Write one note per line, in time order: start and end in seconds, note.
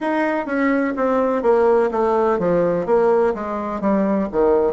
0.00 0.45 D#4
0.45 0.93 C#4
0.96 1.42 C4
1.42 1.90 A#3
1.90 2.38 A3
2.38 2.86 F3
2.86 3.33 A#3
3.34 3.81 G#3
3.81 4.28 G3
4.32 4.73 D#3